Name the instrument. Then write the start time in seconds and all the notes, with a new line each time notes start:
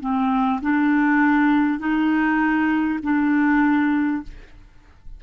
clarinet
0.00 C4
0.61 D4
1.79 D#4
3.02 D4